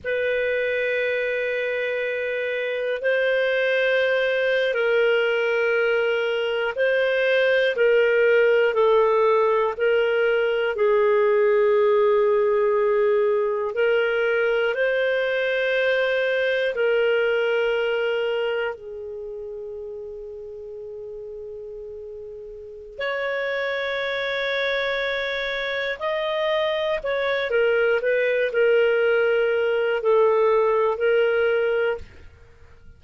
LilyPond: \new Staff \with { instrumentName = "clarinet" } { \time 4/4 \tempo 4 = 60 b'2. c''4~ | c''8. ais'2 c''4 ais'16~ | ais'8. a'4 ais'4 gis'4~ gis'16~ | gis'4.~ gis'16 ais'4 c''4~ c''16~ |
c''8. ais'2 gis'4~ gis'16~ | gis'2. cis''4~ | cis''2 dis''4 cis''8 ais'8 | b'8 ais'4. a'4 ais'4 | }